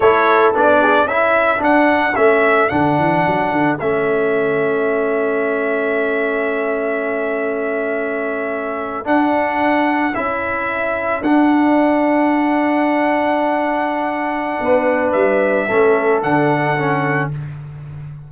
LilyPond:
<<
  \new Staff \with { instrumentName = "trumpet" } { \time 4/4 \tempo 4 = 111 cis''4 d''4 e''4 fis''4 | e''4 fis''2 e''4~ | e''1~ | e''1~ |
e''8. fis''2 e''4~ e''16~ | e''8. fis''2.~ fis''16~ | fis''1 | e''2 fis''2 | }
  \new Staff \with { instrumentName = "horn" } { \time 4/4 a'4. gis'8 a'2~ | a'1~ | a'1~ | a'1~ |
a'1~ | a'1~ | a'2. b'4~ | b'4 a'2. | }
  \new Staff \with { instrumentName = "trombone" } { \time 4/4 e'4 d'4 e'4 d'4 | cis'4 d'2 cis'4~ | cis'1~ | cis'1~ |
cis'8. d'2 e'4~ e'16~ | e'8. d'2.~ d'16~ | d'1~ | d'4 cis'4 d'4 cis'4 | }
  \new Staff \with { instrumentName = "tuba" } { \time 4/4 a4 b4 cis'4 d'4 | a4 d8 e8 fis8 d8 a4~ | a1~ | a1~ |
a8. d'2 cis'4~ cis'16~ | cis'8. d'2.~ d'16~ | d'2. b4 | g4 a4 d2 | }
>>